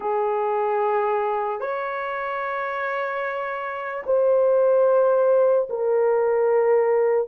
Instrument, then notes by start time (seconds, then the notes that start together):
horn
0.00 G#4
1.60 C#5
4.06 C5
5.69 A#4